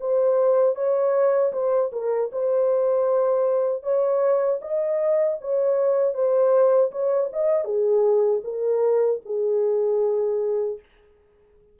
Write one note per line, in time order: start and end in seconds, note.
0.00 0.75 C5
0.75 1.52 C#5
1.52 1.91 C5
1.92 2.30 A#4
2.32 3.83 C5
3.83 4.59 C#5
4.61 5.38 D#5
5.41 6.14 C#5
6.14 6.91 C5
6.91 7.30 C#5
7.32 7.64 D#5
7.64 8.41 G#4
8.43 9.20 A#4
9.25 10.79 G#4